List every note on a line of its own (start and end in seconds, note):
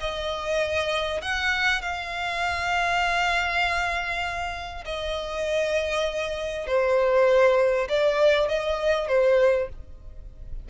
0.00 1.21 D#5
1.21 1.81 F#5
1.81 4.84 F5
4.85 6.67 D#5
6.67 7.88 C5
7.89 8.48 D5
8.48 9.08 D#5
9.08 9.69 C5